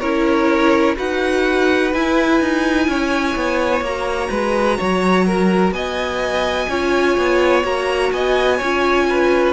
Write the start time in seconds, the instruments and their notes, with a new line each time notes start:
0.00 cello C#4, viola E4, violin A#4 C#5
0.97 cello D#4, viola F#4, violin B4 F#5
1.93 cello E4, viola E4, violin G#5
2.41 cello D#4
2.88 cello C#4, violin C#5
3.36 cello B3
3.81 cello A#3, viola F#4, violin A#5
4.30 cello G#3, violin B4
4.78 cello F#3, violin C#5
5.27 violin A#4
5.72 cello B3, violin D#5 G#5
6.69 cello C#4, viola F4, violin C#5
7.17 cello B3
7.63 cello A#3, viola F#4, violin A#5
8.12 cello B3, violin D#5 G#5
8.58 cello C#4, violin C#5
8.64 viola F4
9.10 violin B4